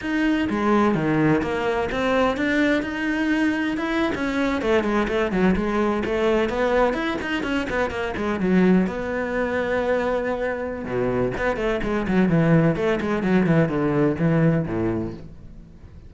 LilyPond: \new Staff \with { instrumentName = "cello" } { \time 4/4 \tempo 4 = 127 dis'4 gis4 dis4 ais4 | c'4 d'4 dis'2 | e'8. cis'4 a8 gis8 a8 fis8 gis16~ | gis8. a4 b4 e'8 dis'8 cis'16~ |
cis'16 b8 ais8 gis8 fis4 b4~ b16~ | b2. b,4 | b8 a8 gis8 fis8 e4 a8 gis8 | fis8 e8 d4 e4 a,4 | }